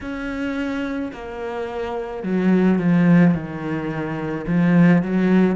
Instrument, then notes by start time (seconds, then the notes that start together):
cello
0.00 C#4
1.12 A#3
2.23 F#3
2.78 F3
3.34 D#3
4.47 F3
5.02 F#3